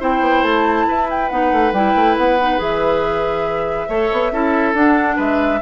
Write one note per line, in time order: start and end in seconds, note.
0.00 0.21 C4
0.00 1.30 E4
0.00 0.86 C5
0.00 0.44 G5
0.21 0.42 B3
0.42 0.85 A3
0.42 1.08 A5
0.88 1.31 E4
0.88 3.89 B4
1.10 1.29 G5
1.29 1.52 B3
1.29 1.73 D#4
1.29 1.72 F#5
1.52 1.72 A3
1.72 1.94 G3
1.72 2.39 E4
1.72 2.17 G5
1.95 2.17 A3
2.17 2.59 B3
2.17 2.61 F#5
2.41 2.58 D#4
2.58 3.88 E3
2.58 3.88 G#4
2.58 4.75 E5
3.88 4.10 A3
3.88 4.32 A4
3.88 4.32 C#5
4.12 4.31 B3
4.31 4.74 C#4
4.31 4.75 E4
4.31 5.16 A4
4.74 5.17 D4
4.74 5.61 D4
4.74 5.18 F#5
5.16 5.61 G#3
5.16 5.59 B4
5.16 5.62 E5